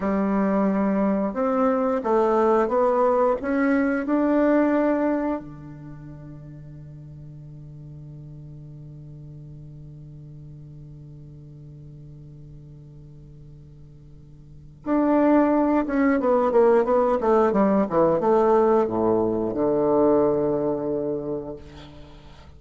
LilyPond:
\new Staff \with { instrumentName = "bassoon" } { \time 4/4 \tempo 4 = 89 g2 c'4 a4 | b4 cis'4 d'2 | d1~ | d1~ |
d1~ | d2 d'4. cis'8 | b8 ais8 b8 a8 g8 e8 a4 | a,4 d2. | }